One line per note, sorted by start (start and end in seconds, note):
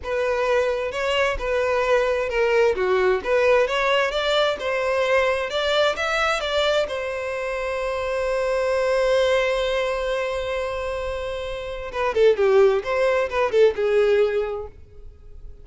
0.03 0.91 B4
0.91 1.37 C#5
1.38 2.29 B4
2.29 2.75 A#4
2.75 3.21 F#4
3.24 3.67 B4
3.67 4.11 C#5
4.11 4.57 D5
4.59 5.49 C5
5.49 5.95 D5
5.96 6.40 E5
6.40 6.86 D5
6.87 11.91 C5
11.91 12.14 B4
12.14 12.36 A4
12.36 12.82 G4
12.83 13.29 C5
13.29 13.51 B4
13.51 13.74 A4
13.75 14.67 G#4